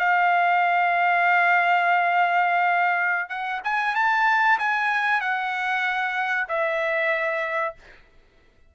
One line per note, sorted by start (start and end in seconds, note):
0.00 3.30 F5
3.30 3.61 F#5
3.65 3.96 G#5
3.96 4.59 A5
4.59 5.21 G#5
5.21 6.48 F#5
6.49 7.75 E5